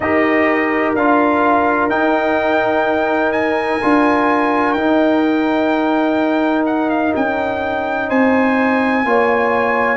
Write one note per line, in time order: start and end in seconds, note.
0.00 0.94 D#4
0.00 0.97 G4
0.00 8.08 A#4
0.00 0.94 D#5
0.94 1.89 D4
0.94 1.90 F4
0.94 1.89 F5
1.89 3.79 D#4
1.89 3.80 D#4
1.89 3.32 G5
3.32 4.73 G#5
3.82 4.74 D4
3.82 4.77 F4
4.73 7.12 D#4
4.73 9.05 D#4
4.73 6.63 G5
6.65 6.89 F#5
6.89 7.13 F5
7.15 8.10 C#4
7.15 8.09 G5
8.08 9.05 C4
8.08 9.03 C5
8.08 9.97 G#5
9.05 9.97 A#3
9.05 9.97 F4
9.05 9.97 C#5